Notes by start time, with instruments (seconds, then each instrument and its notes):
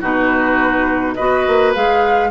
0.00 bassoon B2, clarinet D#4, oboe F#4, flute B4
1.15 bassoon B3, clarinet F#4, oboe B4, flute D#5
1.47 bassoon A#3
1.74 bassoon G#3, clarinet G#4, flute F5